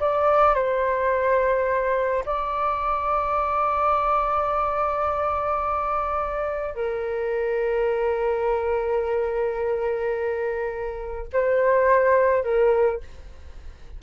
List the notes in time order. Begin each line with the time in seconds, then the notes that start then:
0.00 D5
0.54 C5
2.26 D5
6.75 A#4
11.33 C5
12.43 A#4